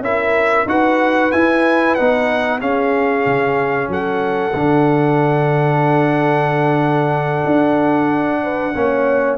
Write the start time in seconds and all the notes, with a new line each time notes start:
0.00 C#4 E4 A#4 E5
0.66 D#4 F#4 B4 F#5
1.32 E4 G#5
1.95 B3 D#4 F#5
2.60 C#4 G#4 F5
3.26 C#3
3.88 F#3 A4 F#5
4.54 D3 D4
7.45 D4
8.43 B4
8.74 A#3 C#4 C#5